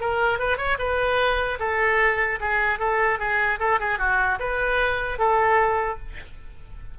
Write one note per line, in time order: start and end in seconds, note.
0.00 0.39 A#4
0.39 0.57 B4
0.57 0.77 C#5
0.78 1.58 B4
1.59 2.39 A4
2.40 2.79 G#4
2.79 3.19 A4
3.19 3.59 G#4
3.59 3.79 A4
3.79 3.98 G#4
3.98 4.38 F#4
4.39 5.18 B4
5.18 5.98 A4